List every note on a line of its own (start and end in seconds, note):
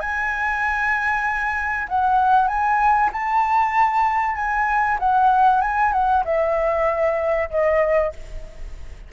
0.00 1.88 G#5
1.89 2.47 F#5
2.47 3.10 G#5
3.12 4.36 A5
4.36 4.98 G#5
4.99 5.61 F#5
5.61 5.92 G#5
5.92 6.24 F#5
6.25 7.50 E5
7.50 8.12 D#5